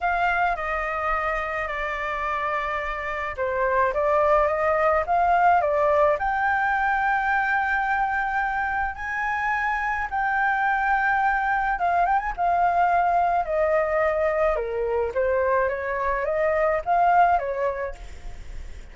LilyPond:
\new Staff \with { instrumentName = "flute" } { \time 4/4 \tempo 4 = 107 f''4 dis''2 d''4~ | d''2 c''4 d''4 | dis''4 f''4 d''4 g''4~ | g''1 |
gis''2 g''2~ | g''4 f''8 g''16 gis''16 f''2 | dis''2 ais'4 c''4 | cis''4 dis''4 f''4 cis''4 | }